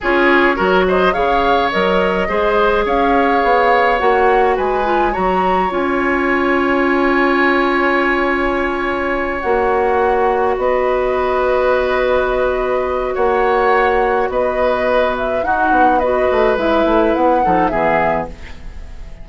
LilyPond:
<<
  \new Staff \with { instrumentName = "flute" } { \time 4/4 \tempo 4 = 105 cis''4. dis''8 f''4 dis''4~ | dis''4 f''2 fis''4 | gis''4 ais''4 gis''2~ | gis''1~ |
gis''8 fis''2 dis''4.~ | dis''2. fis''4~ | fis''4 dis''4. e''8 fis''4 | dis''4 e''4 fis''4 e''4 | }
  \new Staff \with { instrumentName = "oboe" } { \time 4/4 gis'4 ais'8 c''8 cis''2 | c''4 cis''2. | b'4 cis''2.~ | cis''1~ |
cis''2~ cis''8 b'4.~ | b'2. cis''4~ | cis''4 b'2 fis'4 | b'2~ b'8 a'8 gis'4 | }
  \new Staff \with { instrumentName = "clarinet" } { \time 4/4 f'4 fis'4 gis'4 ais'4 | gis'2. fis'4~ | fis'8 f'8 fis'4 f'2~ | f'1~ |
f'8 fis'2.~ fis'8~ | fis'1~ | fis'2. dis'4 | fis'4 e'4. dis'8 b4 | }
  \new Staff \with { instrumentName = "bassoon" } { \time 4/4 cis'4 fis4 cis4 fis4 | gis4 cis'4 b4 ais4 | gis4 fis4 cis'2~ | cis'1~ |
cis'8 ais2 b4.~ | b2. ais4~ | ais4 b2 dis'8 b8~ | b8 a8 gis8 a8 b8 f8 e4 | }
>>